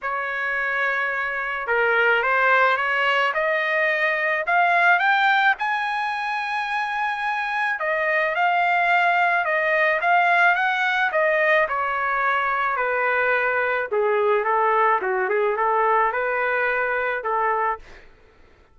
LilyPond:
\new Staff \with { instrumentName = "trumpet" } { \time 4/4 \tempo 4 = 108 cis''2. ais'4 | c''4 cis''4 dis''2 | f''4 g''4 gis''2~ | gis''2 dis''4 f''4~ |
f''4 dis''4 f''4 fis''4 | dis''4 cis''2 b'4~ | b'4 gis'4 a'4 fis'8 gis'8 | a'4 b'2 a'4 | }